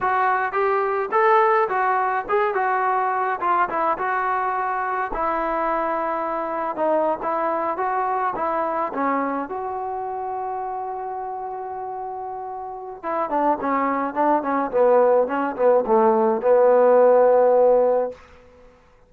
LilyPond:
\new Staff \with { instrumentName = "trombone" } { \time 4/4 \tempo 4 = 106 fis'4 g'4 a'4 fis'4 | gis'8 fis'4. f'8 e'8 fis'4~ | fis'4 e'2. | dis'8. e'4 fis'4 e'4 cis'16~ |
cis'8. fis'2.~ fis'16~ | fis'2. e'8 d'8 | cis'4 d'8 cis'8 b4 cis'8 b8 | a4 b2. | }